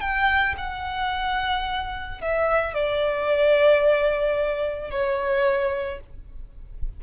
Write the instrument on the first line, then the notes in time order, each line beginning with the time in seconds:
violin
0.00 G5
0.57 F#5
2.21 E5
2.74 D5
4.90 C#5